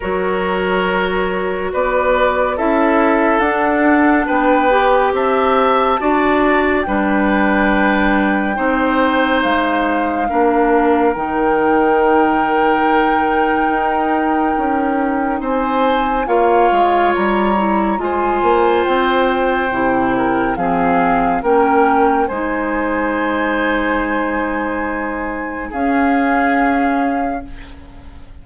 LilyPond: <<
  \new Staff \with { instrumentName = "flute" } { \time 4/4 \tempo 4 = 70 cis''2 d''4 e''4 | fis''4 g''4 a''2 | g''2. f''4~ | f''4 g''2.~ |
g''2 gis''4 f''4 | ais''4 gis''4 g''2 | f''4 g''4 gis''2~ | gis''2 f''2 | }
  \new Staff \with { instrumentName = "oboe" } { \time 4/4 ais'2 b'4 a'4~ | a'4 b'4 e''4 d''4 | b'2 c''2 | ais'1~ |
ais'2 c''4 cis''4~ | cis''4 c''2~ c''8 ais'8 | gis'4 ais'4 c''2~ | c''2 gis'2 | }
  \new Staff \with { instrumentName = "clarinet" } { \time 4/4 fis'2. e'4 | d'4. g'4. fis'4 | d'2 dis'2 | d'4 dis'2.~ |
dis'2. f'4~ | f'8 e'8 f'2 e'4 | c'4 cis'4 dis'2~ | dis'2 cis'2 | }
  \new Staff \with { instrumentName = "bassoon" } { \time 4/4 fis2 b4 cis'4 | d'4 b4 c'4 d'4 | g2 c'4 gis4 | ais4 dis2. |
dis'4 cis'4 c'4 ais8 gis8 | g4 gis8 ais8 c'4 c4 | f4 ais4 gis2~ | gis2 cis'2 | }
>>